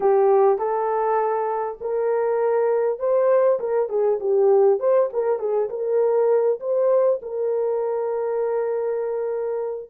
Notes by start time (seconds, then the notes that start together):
0.00 G4
0.58 A4
1.80 A#4
2.99 C5
3.59 A#4
3.89 G#4
4.20 G4
4.79 C5
5.12 A#4
5.39 G#4
5.69 A#4
6.59 C5
7.21 A#4